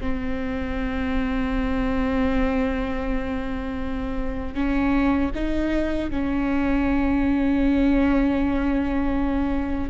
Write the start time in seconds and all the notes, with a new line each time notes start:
0.00 C4
4.55 C#4
5.35 D#4
6.10 C#4